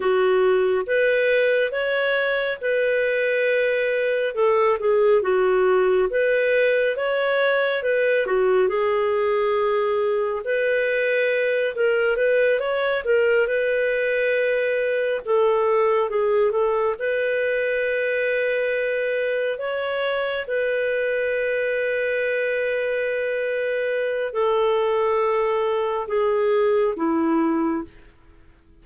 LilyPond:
\new Staff \with { instrumentName = "clarinet" } { \time 4/4 \tempo 4 = 69 fis'4 b'4 cis''4 b'4~ | b'4 a'8 gis'8 fis'4 b'4 | cis''4 b'8 fis'8 gis'2 | b'4. ais'8 b'8 cis''8 ais'8 b'8~ |
b'4. a'4 gis'8 a'8 b'8~ | b'2~ b'8 cis''4 b'8~ | b'1 | a'2 gis'4 e'4 | }